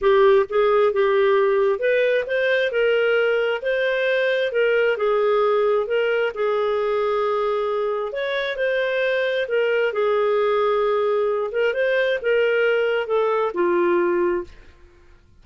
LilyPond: \new Staff \with { instrumentName = "clarinet" } { \time 4/4 \tempo 4 = 133 g'4 gis'4 g'2 | b'4 c''4 ais'2 | c''2 ais'4 gis'4~ | gis'4 ais'4 gis'2~ |
gis'2 cis''4 c''4~ | c''4 ais'4 gis'2~ | gis'4. ais'8 c''4 ais'4~ | ais'4 a'4 f'2 | }